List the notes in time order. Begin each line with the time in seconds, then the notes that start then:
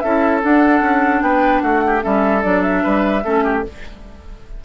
0.00 C#4 E4 A4 E5
0.42 D4 F#5
0.82 C#4
1.22 B3 B4 G5
1.61 A3 F#4 F#5
1.87 G4
2.02 G3 C#4 A4 E5
2.43 F#3 D4 D5
2.62 E5
2.84 G3 B4
3.24 A3 C#4 A4
3.44 G4